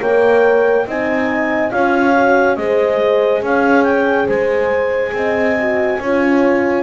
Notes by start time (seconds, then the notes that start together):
0.00 A#3 A#4 C#5 G5
0.87 C4 D#4 D#5 G#5
1.71 C#4 F4 C#5 F5
2.15 F#4
2.56 G#3 G#4 C5 D#5
3.43 C#4 C#5 F5
3.84 G5
4.26 G#3 C5 G#5
5.13 C4 D#5
5.59 F#4
6.00 C#4 F4 C#5